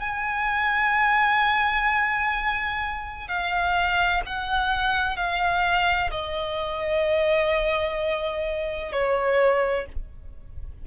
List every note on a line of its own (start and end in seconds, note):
0.00 3.28 G#5
3.28 4.22 F5
4.26 5.16 F#5
5.16 6.10 F5
6.11 8.92 D#5
8.92 9.86 C#5